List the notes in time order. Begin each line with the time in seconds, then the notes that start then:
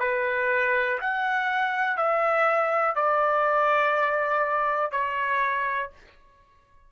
0.00 B4
1.01 F#5
1.97 E5
2.96 D5
4.92 C#5